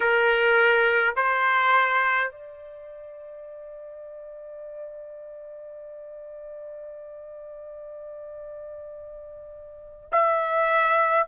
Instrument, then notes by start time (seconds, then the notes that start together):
trumpet
0.00 A#4
1.15 C5
2.31 D5
10.11 E5